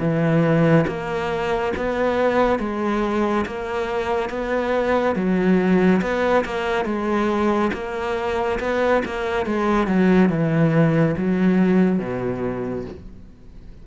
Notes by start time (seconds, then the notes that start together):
0.00 E3
0.88 A#3
1.77 B3
2.60 G#3
3.47 A#3
4.30 B3
5.16 F#3
6.02 B3
6.45 A#3
6.86 G#3
7.74 A#3
8.60 B3
9.06 A#3
9.47 G#3
9.88 F#3
10.30 E3
11.17 F#3
12.00 B2